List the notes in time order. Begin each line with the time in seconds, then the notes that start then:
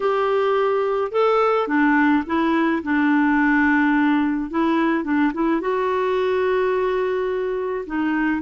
0.00 G4
1.11 A4
1.67 D4
2.26 E4
2.83 D4
4.50 E4
5.03 D4
5.33 E4
5.60 F#4
7.86 D#4